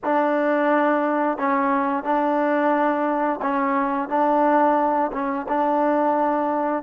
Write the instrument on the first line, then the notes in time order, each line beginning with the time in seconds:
trombone
0.03 D4
1.38 C#4
2.03 D4
3.42 C#4
4.08 D4
5.12 C#4
5.48 D4